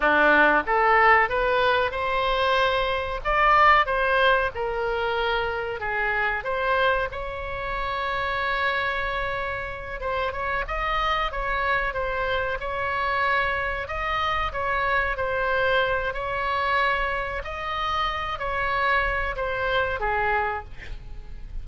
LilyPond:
\new Staff \with { instrumentName = "oboe" } { \time 4/4 \tempo 4 = 93 d'4 a'4 b'4 c''4~ | c''4 d''4 c''4 ais'4~ | ais'4 gis'4 c''4 cis''4~ | cis''2.~ cis''8 c''8 |
cis''8 dis''4 cis''4 c''4 cis''8~ | cis''4. dis''4 cis''4 c''8~ | c''4 cis''2 dis''4~ | dis''8 cis''4. c''4 gis'4 | }